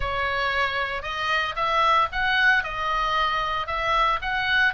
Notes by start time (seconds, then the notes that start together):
0.00 C#5
1.02 D#5
1.55 E5
2.11 F#5
2.63 D#5
3.67 E5
4.21 F#5